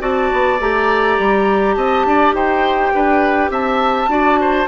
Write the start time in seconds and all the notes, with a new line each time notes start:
0.00 C4 F#4 D5 A5
0.32 B3
0.60 A3 G4 A#5
1.18 G3
1.74 C4 D#5 A5
2.05 D4 D5
2.33 D#4 C5 G5
2.94 D4 B4
3.49 C4 E5 A5
4.07 D4 F#4 D5
4.40 C5